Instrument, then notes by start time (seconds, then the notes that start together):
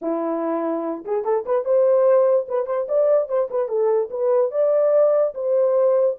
horn
0.01 E4
1.04 G#4
1.24 A4
1.45 B4
1.64 C5
2.48 B4
2.66 C5
2.88 D5
3.28 C5
3.50 B4
3.68 A4
4.10 B4
4.51 D5
5.34 C5